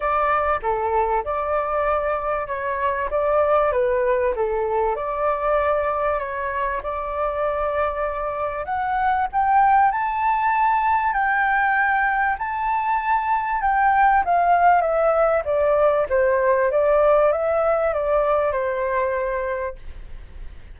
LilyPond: \new Staff \with { instrumentName = "flute" } { \time 4/4 \tempo 4 = 97 d''4 a'4 d''2 | cis''4 d''4 b'4 a'4 | d''2 cis''4 d''4~ | d''2 fis''4 g''4 |
a''2 g''2 | a''2 g''4 f''4 | e''4 d''4 c''4 d''4 | e''4 d''4 c''2 | }